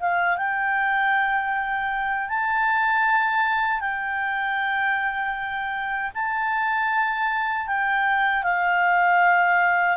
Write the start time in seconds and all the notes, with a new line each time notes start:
0.00 F5
0.37 G5
2.29 A5
3.81 G5
6.15 A5
7.67 G5
8.43 F5